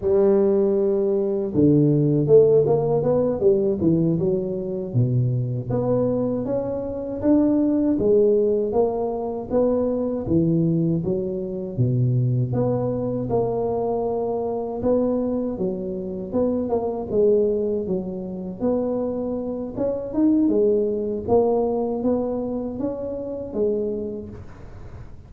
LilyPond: \new Staff \with { instrumentName = "tuba" } { \time 4/4 \tempo 4 = 79 g2 d4 a8 ais8 | b8 g8 e8 fis4 b,4 b8~ | b8 cis'4 d'4 gis4 ais8~ | ais8 b4 e4 fis4 b,8~ |
b,8 b4 ais2 b8~ | b8 fis4 b8 ais8 gis4 fis8~ | fis8 b4. cis'8 dis'8 gis4 | ais4 b4 cis'4 gis4 | }